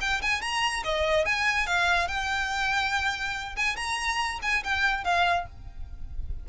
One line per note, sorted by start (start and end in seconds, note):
0.00 0.21 G5
0.21 0.41 G#5
0.41 0.83 A#5
0.84 1.25 D#5
1.25 1.67 G#5
1.67 2.08 F5
2.08 3.56 G5
3.56 3.76 G#5
3.76 4.39 A#5
4.42 4.63 G#5
4.64 5.04 G5
5.04 5.46 F5